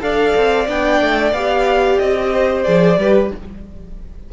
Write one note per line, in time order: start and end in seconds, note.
0.00 0.34 D4
0.00 0.66 A4
0.00 2.32 D5
0.00 0.67 F5
0.35 0.68 C4
0.67 1.00 B3
0.67 1.33 D4
0.67 1.33 G5
1.00 1.32 A3
1.32 1.98 B3
1.32 2.64 G4
1.32 1.98 F5
1.99 2.65 C4
1.99 2.63 D#5
2.32 2.98 C5
2.63 2.97 F3
2.63 2.97 G#4
2.63 3.29 D5
2.97 3.30 G3
2.97 3.32 G4
2.97 3.32 B4